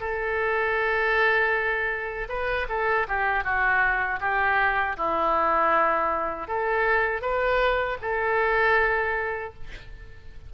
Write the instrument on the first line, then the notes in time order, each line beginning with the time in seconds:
oboe
0.00 A4
2.29 B4
2.69 A4
3.08 G4
3.44 F#4
4.20 G4
4.97 E4
6.48 A4
7.22 B4
8.02 A4